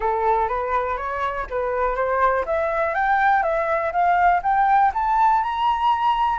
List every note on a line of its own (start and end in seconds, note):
0.00 0.48 A4
0.48 0.97 B4
0.97 1.46 C#5
1.50 1.95 B4
1.95 2.45 C5
2.45 2.94 E5
2.94 3.42 G5
3.42 3.92 E5
3.92 4.41 F5
4.42 4.92 G5
4.94 5.42 A5
5.42 6.39 A#5